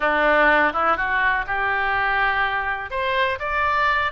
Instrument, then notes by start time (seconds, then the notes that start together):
oboe
0.00 D4
0.72 E4
0.96 F#4
1.46 G4
2.90 C5
3.39 D5